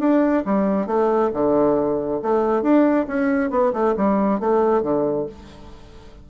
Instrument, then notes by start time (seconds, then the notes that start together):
bassoon
0.00 D4
0.46 G3
0.87 A3
1.34 D3
2.23 A3
2.63 D4
3.08 C#4
3.51 B3
3.73 A3
3.97 G3
4.40 A3
4.83 D3